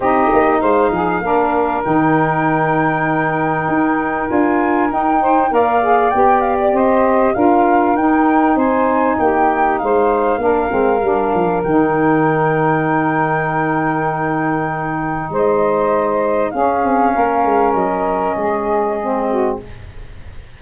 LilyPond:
<<
  \new Staff \with { instrumentName = "flute" } { \time 4/4 \tempo 4 = 98 dis''4 f''2 g''4~ | g''2. gis''4 | g''4 f''4 g''8 f''16 d''16 dis''4 | f''4 g''4 gis''4 g''4 |
f''2. g''4~ | g''1~ | g''4 dis''2 f''4~ | f''4 dis''2. | }
  \new Staff \with { instrumentName = "saxophone" } { \time 4/4 g'4 c''8 gis'8 ais'2~ | ais'1~ | ais'8 c''8 d''2 c''4 | ais'2 c''4 g'4 |
c''4 ais'2.~ | ais'1~ | ais'4 c''2 gis'4 | ais'2 gis'4. fis'8 | }
  \new Staff \with { instrumentName = "saxophone" } { \time 4/4 dis'2 d'4 dis'4~ | dis'2. f'4 | dis'4 ais'8 gis'8 g'2 | f'4 dis'2.~ |
dis'4 d'8 c'8 d'4 dis'4~ | dis'1~ | dis'2. cis'4~ | cis'2. c'4 | }
  \new Staff \with { instrumentName = "tuba" } { \time 4/4 c'8 ais8 gis8 f8 ais4 dis4~ | dis2 dis'4 d'4 | dis'4 ais4 b4 c'4 | d'4 dis'4 c'4 ais4 |
gis4 ais8 gis8 g8 f8 dis4~ | dis1~ | dis4 gis2 cis'8 c'8 | ais8 gis8 fis4 gis2 | }
>>